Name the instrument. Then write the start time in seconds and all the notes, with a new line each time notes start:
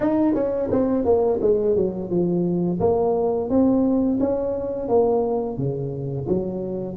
tuba
0.00 D#4
0.34 C#4
0.71 C4
1.05 A#3
1.41 G#3
1.76 F#3
2.09 F3
2.79 A#3
3.49 C4
4.20 C#4
4.88 A#3
5.57 C#3
6.28 F#3